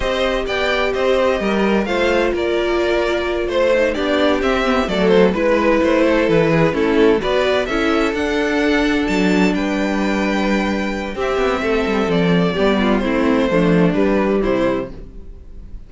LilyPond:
<<
  \new Staff \with { instrumentName = "violin" } { \time 4/4 \tempo 4 = 129 dis''4 g''4 dis''2 | f''4 d''2~ d''8 c''8~ | c''8 d''4 e''4 d''8 c''8 b'8~ | b'8 c''4 b'4 a'4 d''8~ |
d''8 e''4 fis''2 a''8~ | a''8 g''2.~ g''8 | e''2 d''2 | c''2 b'4 c''4 | }
  \new Staff \with { instrumentName = "violin" } { \time 4/4 c''4 d''4 c''4 ais'4 | c''4 ais'2~ ais'8 c''8~ | c''8 g'2 a'4 b'8~ | b'4 a'4 gis'8 e'4 b'8~ |
b'8 a'2.~ a'8~ | a'8 b'2.~ b'8 | g'4 a'2 g'8 f'8 | e'4 d'2 e'4 | }
  \new Staff \with { instrumentName = "viola" } { \time 4/4 g'1 | f'1 | dis'8 d'4 c'8 b8 a4 e'8~ | e'2~ e'8 cis'4 fis'8~ |
fis'8 e'4 d'2~ d'8~ | d'1 | c'2. b4 | c'4 a4 g2 | }
  \new Staff \with { instrumentName = "cello" } { \time 4/4 c'4 b4 c'4 g4 | a4 ais2~ ais8 a8~ | a8 b4 c'4 fis4 gis8~ | gis8 a4 e4 a4 b8~ |
b8 cis'4 d'2 fis8~ | fis8 g2.~ g8 | c'8 b8 a8 g8 f4 g4 | a4 f4 g4 c4 | }
>>